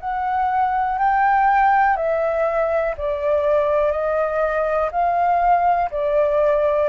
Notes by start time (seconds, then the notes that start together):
0.00 F#5
0.98 G5
1.96 E5
2.97 D5
3.91 D#5
4.92 F5
5.91 D5